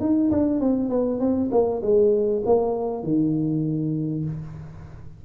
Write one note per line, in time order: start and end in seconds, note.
0.00 0.30 D#4
0.31 0.60 D4
0.60 0.89 C4
0.89 1.19 B3
1.19 1.50 C4
1.51 1.81 A#3
1.82 2.43 G#3
2.45 3.03 A#3
3.03 4.25 D#3